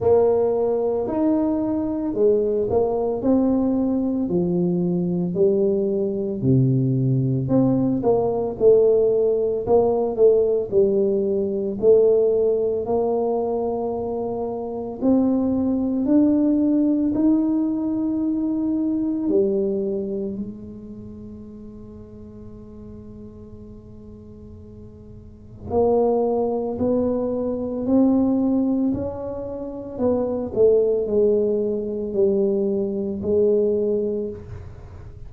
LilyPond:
\new Staff \with { instrumentName = "tuba" } { \time 4/4 \tempo 4 = 56 ais4 dis'4 gis8 ais8 c'4 | f4 g4 c4 c'8 ais8 | a4 ais8 a8 g4 a4 | ais2 c'4 d'4 |
dis'2 g4 gis4~ | gis1 | ais4 b4 c'4 cis'4 | b8 a8 gis4 g4 gis4 | }